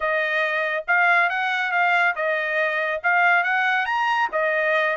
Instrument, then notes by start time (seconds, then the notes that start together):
trumpet
0.00 D#5
0.87 F5
1.29 F#5
1.71 F5
2.15 D#5
3.03 F5
3.43 F#5
3.85 A#5
4.32 D#5